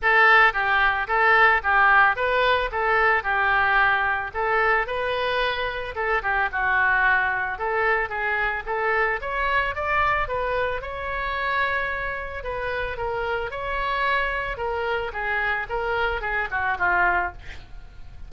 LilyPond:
\new Staff \with { instrumentName = "oboe" } { \time 4/4 \tempo 4 = 111 a'4 g'4 a'4 g'4 | b'4 a'4 g'2 | a'4 b'2 a'8 g'8 | fis'2 a'4 gis'4 |
a'4 cis''4 d''4 b'4 | cis''2. b'4 | ais'4 cis''2 ais'4 | gis'4 ais'4 gis'8 fis'8 f'4 | }